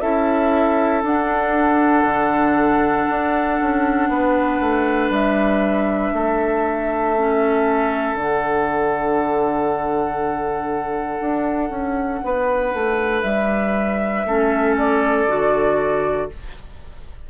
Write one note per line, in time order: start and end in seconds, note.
0.00 1.03 C#4
0.00 1.03 E4
0.00 4.08 A4
0.00 1.02 E5
1.03 2.04 D4
1.03 7.16 D4
1.03 5.12 F#5
2.04 3.05 D3
3.09 3.60 D4
3.60 4.08 C#4
4.08 4.59 B3
4.08 6.14 B4
4.60 5.09 A3
5.09 6.11 G3
5.09 8.17 E5
6.13 8.14 A3
6.13 12.24 A4
7.17 8.17 C#4
8.14 11.19 D3
8.14 14.27 D4
8.14 13.22 F#5
11.20 11.69 D4
11.69 12.20 C#4
12.24 12.73 B3
12.24 14.26 B4
12.73 13.23 A3
13.22 14.24 G3
13.22 14.74 E5
14.24 15.26 A3
14.24 15.27 C#4
14.24 16.29 A4
14.77 16.29 D5
15.26 16.28 D3
15.26 16.29 F#4